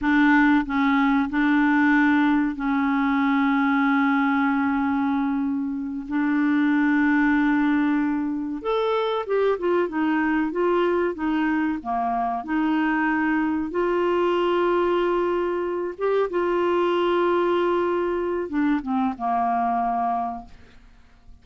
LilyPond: \new Staff \with { instrumentName = "clarinet" } { \time 4/4 \tempo 4 = 94 d'4 cis'4 d'2 | cis'1~ | cis'4. d'2~ d'8~ | d'4. a'4 g'8 f'8 dis'8~ |
dis'8 f'4 dis'4 ais4 dis'8~ | dis'4. f'2~ f'8~ | f'4 g'8 f'2~ f'8~ | f'4 d'8 c'8 ais2 | }